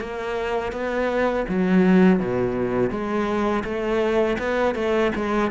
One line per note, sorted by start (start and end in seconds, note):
0.00 0.72 A#3
0.72 1.45 B3
1.49 2.19 F#3
2.19 2.90 B2
2.90 3.63 G#3
3.64 4.37 A3
4.38 4.75 B3
4.75 5.12 A3
5.15 5.51 G#3